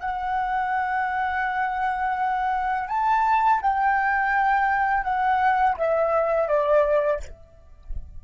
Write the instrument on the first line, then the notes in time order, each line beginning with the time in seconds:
flute
0.00 F#5
2.88 A5
3.62 G5
5.04 F#5
5.77 E5
6.48 D5